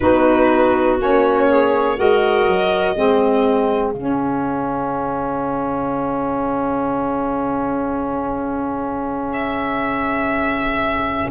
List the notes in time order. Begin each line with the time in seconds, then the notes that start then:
0.00 B3 D#4 F#4 B4
0.99 A#3 C#4 C#5
1.48 G#4
1.96 G#3 F#4 A#4 D#5
2.46 F#3
2.94 G#3 C4 G#4
3.92 C#3 C#4 F5
9.33 E5